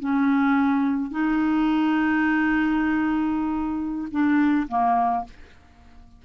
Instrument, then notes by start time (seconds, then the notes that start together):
clarinet
0.00 C#4
1.11 D#4
4.11 D4
4.68 A#3